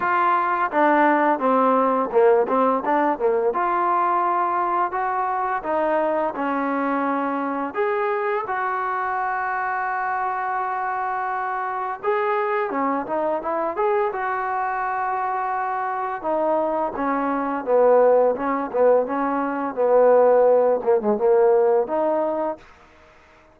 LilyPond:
\new Staff \with { instrumentName = "trombone" } { \time 4/4 \tempo 4 = 85 f'4 d'4 c'4 ais8 c'8 | d'8 ais8 f'2 fis'4 | dis'4 cis'2 gis'4 | fis'1~ |
fis'4 gis'4 cis'8 dis'8 e'8 gis'8 | fis'2. dis'4 | cis'4 b4 cis'8 b8 cis'4 | b4. ais16 gis16 ais4 dis'4 | }